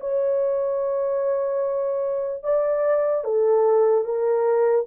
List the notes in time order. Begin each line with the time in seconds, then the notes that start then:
0.00 C#5
2.43 D5
3.24 A4
4.04 A#4